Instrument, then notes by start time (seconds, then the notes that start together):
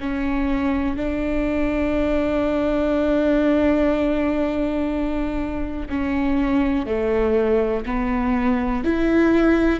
viola
0.00 C#4
0.97 D4
5.89 C#4
6.86 A3
7.86 B3
8.84 E4